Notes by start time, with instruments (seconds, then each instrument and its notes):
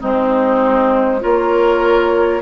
0.00 bassoon G#3, clarinet C4, oboe D#4, flute C5
1.20 bassoon A#3, clarinet F4, oboe A#4, flute C#5